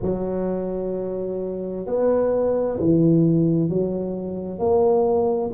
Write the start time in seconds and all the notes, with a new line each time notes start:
0.02 F#3
1.86 B3
2.79 E3
3.69 F#3
4.58 A#3